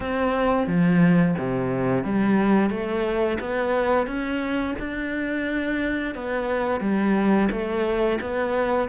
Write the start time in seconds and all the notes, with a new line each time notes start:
0.00 C4
0.67 F3
1.38 C3
2.03 G3
2.70 A3
3.40 B3
4.06 C#4
4.79 D4
6.14 B3
6.80 G3
7.51 A3
8.21 B3